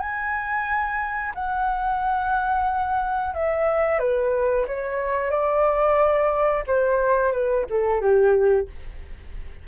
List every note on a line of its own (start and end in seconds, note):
0.00 1.33 G#5
1.35 3.35 F#5
3.35 4.00 E5
4.00 4.66 B4
4.68 5.31 C#5
5.31 6.65 D5
6.67 7.33 C5
7.33 7.66 B4
7.70 8.02 A4
8.02 8.68 G4